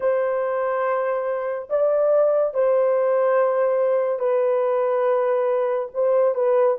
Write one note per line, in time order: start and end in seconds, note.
0.00 1.68 C5
1.69 2.54 D5
2.54 4.19 C5
4.19 5.88 B4
5.94 6.34 C5
6.34 6.76 B4